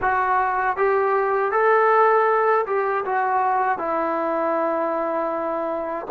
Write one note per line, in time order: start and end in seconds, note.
0.01 0.76 F#4
0.76 1.51 G4
1.51 2.65 A4
2.66 3.04 G4
3.05 3.78 F#4
3.78 6.06 E4